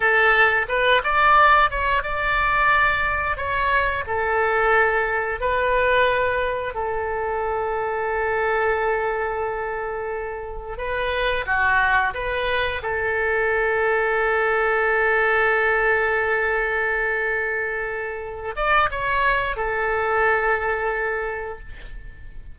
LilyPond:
\new Staff \with { instrumentName = "oboe" } { \time 4/4 \tempo 4 = 89 a'4 b'8 d''4 cis''8 d''4~ | d''4 cis''4 a'2 | b'2 a'2~ | a'1 |
b'4 fis'4 b'4 a'4~ | a'1~ | a'2.~ a'8 d''8 | cis''4 a'2. | }